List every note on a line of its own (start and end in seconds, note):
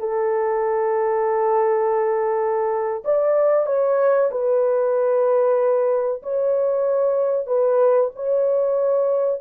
0.00 3.03 A4
3.04 3.66 D5
3.66 4.30 C#5
4.31 6.22 B4
6.22 7.47 C#5
7.47 8.10 B4
8.16 9.40 C#5